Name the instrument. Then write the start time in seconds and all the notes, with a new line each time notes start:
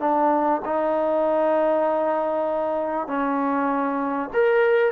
trombone
0.00 D4
0.65 D#4
3.07 C#4
4.33 A#4